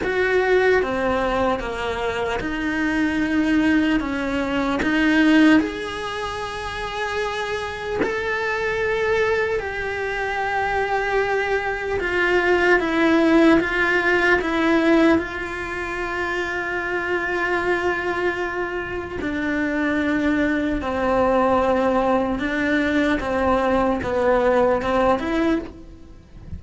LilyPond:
\new Staff \with { instrumentName = "cello" } { \time 4/4 \tempo 4 = 75 fis'4 c'4 ais4 dis'4~ | dis'4 cis'4 dis'4 gis'4~ | gis'2 a'2 | g'2. f'4 |
e'4 f'4 e'4 f'4~ | f'1 | d'2 c'2 | d'4 c'4 b4 c'8 e'8 | }